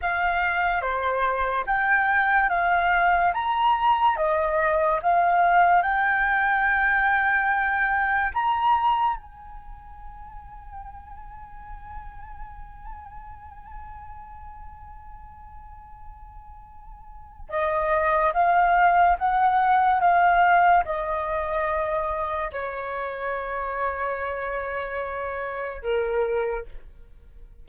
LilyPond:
\new Staff \with { instrumentName = "flute" } { \time 4/4 \tempo 4 = 72 f''4 c''4 g''4 f''4 | ais''4 dis''4 f''4 g''4~ | g''2 ais''4 gis''4~ | gis''1~ |
gis''1~ | gis''4 dis''4 f''4 fis''4 | f''4 dis''2 cis''4~ | cis''2. ais'4 | }